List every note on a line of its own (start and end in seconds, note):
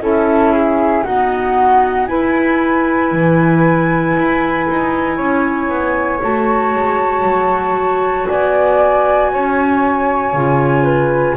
0.00 1.03 C#4
0.00 1.04 E4
0.00 0.53 A4
0.00 1.03 E5
0.53 1.04 G#4
1.03 2.06 B3
1.03 2.09 D#4
1.03 2.08 F#4
1.03 2.06 F#5
2.06 6.20 E4
2.06 3.11 E4
2.06 5.17 B4
2.06 6.20 G#5
3.11 4.15 E3
4.16 4.67 E4
4.69 5.18 D#4
5.17 5.68 C#4
5.17 8.27 C#5
5.68 6.20 B3
6.21 6.75 A3
6.21 10.35 F#4
6.21 8.27 A5
6.75 7.23 G#3
7.23 8.26 F#3
8.27 9.34 B3
8.27 9.31 D5
8.27 11.36 G#5
9.32 10.33 C#4
9.32 10.83 C#5
10.33 11.36 C#3
10.33 11.36 F4
10.83 11.34 B4